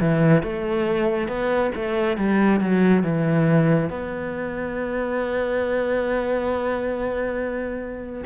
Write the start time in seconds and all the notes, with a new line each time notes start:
0.00 E3
0.43 A3
1.28 B3
1.75 A3
2.17 G3
2.60 F#3
3.03 E3
3.90 B3